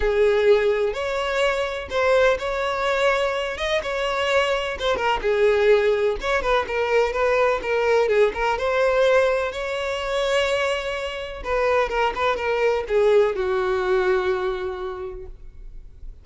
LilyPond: \new Staff \with { instrumentName = "violin" } { \time 4/4 \tempo 4 = 126 gis'2 cis''2 | c''4 cis''2~ cis''8 dis''8 | cis''2 c''8 ais'8 gis'4~ | gis'4 cis''8 b'8 ais'4 b'4 |
ais'4 gis'8 ais'8 c''2 | cis''1 | b'4 ais'8 b'8 ais'4 gis'4 | fis'1 | }